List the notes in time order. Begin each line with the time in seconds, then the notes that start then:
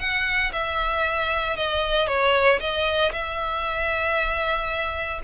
0.00 F#5
0.53 E5
1.57 D#5
2.08 C#5
2.60 D#5
3.13 E5